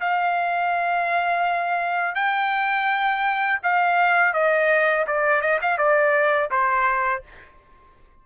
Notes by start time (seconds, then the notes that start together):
0.00 F5
2.14 G5
3.63 F5
4.33 D#5
5.06 D5
5.41 D#5
5.62 F5
5.78 D5
6.50 C5